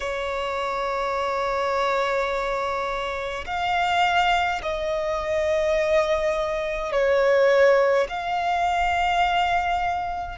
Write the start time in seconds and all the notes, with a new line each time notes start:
0.00 C#5
3.46 F5
4.62 D#5
6.92 C#5
8.08 F5